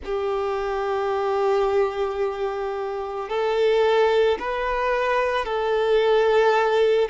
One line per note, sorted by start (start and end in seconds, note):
0.04 3.29 G4
3.29 4.38 A4
4.39 5.45 B4
5.45 7.09 A4